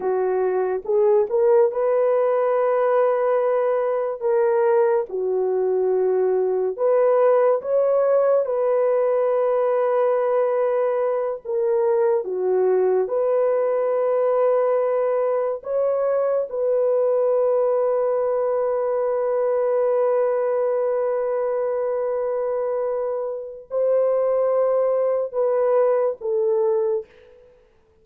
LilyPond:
\new Staff \with { instrumentName = "horn" } { \time 4/4 \tempo 4 = 71 fis'4 gis'8 ais'8 b'2~ | b'4 ais'4 fis'2 | b'4 cis''4 b'2~ | b'4. ais'4 fis'4 b'8~ |
b'2~ b'8 cis''4 b'8~ | b'1~ | b'1 | c''2 b'4 a'4 | }